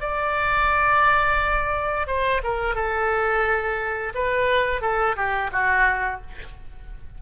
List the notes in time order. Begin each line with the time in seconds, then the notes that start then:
0.00 D5
2.07 C5
2.44 A#4
2.75 A4
4.15 B4
4.81 A4
5.16 G4
5.52 F#4